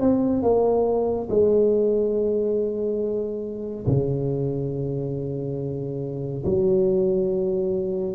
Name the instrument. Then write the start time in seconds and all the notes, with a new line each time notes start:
tuba
0.00 C4
0.42 A#3
1.29 G#3
3.86 C#3
6.45 F#3